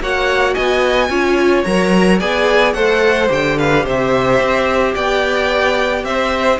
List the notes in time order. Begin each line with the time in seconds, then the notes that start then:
0.00 A#3 F#4 C#5 F#5
0.54 B3 D#5 G#5
1.09 C#4 F4 C#5
1.64 F#3 A#4 A#5
2.20 B3 G#4 D5 G#5
2.73 A3 A4 C5 F#5
3.28 D3 G4 G5
3.58 B4 F5
3.85 C3 C5 E5
4.39 C4
4.95 B3 D5 G5
6.04 C4 C5 E5